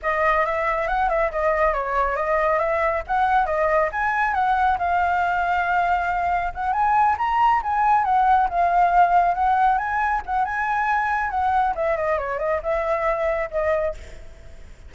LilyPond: \new Staff \with { instrumentName = "flute" } { \time 4/4 \tempo 4 = 138 dis''4 e''4 fis''8 e''8 dis''4 | cis''4 dis''4 e''4 fis''4 | dis''4 gis''4 fis''4 f''4~ | f''2. fis''8 gis''8~ |
gis''8 ais''4 gis''4 fis''4 f''8~ | f''4. fis''4 gis''4 fis''8 | gis''2 fis''4 e''8 dis''8 | cis''8 dis''8 e''2 dis''4 | }